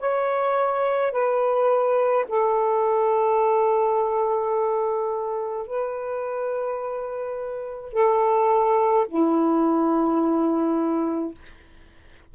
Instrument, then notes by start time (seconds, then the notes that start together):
saxophone
0.00 C#5
1.13 B4
2.30 A4
5.68 B4
7.93 A4
9.09 E4